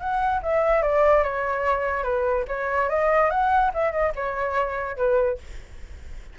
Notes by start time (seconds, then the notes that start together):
0.00 F#5
0.43 E5
0.83 D5
1.24 C#5
2.04 B4
2.48 C#5
2.90 D#5
3.31 F#5
3.74 E5
3.92 D#5
4.16 C#5
4.97 B4